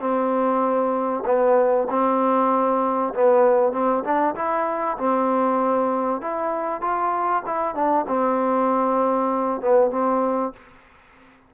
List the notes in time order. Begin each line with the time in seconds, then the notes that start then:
0.00 C4
1.26 B3
1.90 C4
3.14 B3
3.73 C4
4.04 D4
4.35 E4
4.97 C4
6.21 E4
6.81 F4
7.46 E4
7.75 D4
8.08 C4
9.61 B3
9.91 C4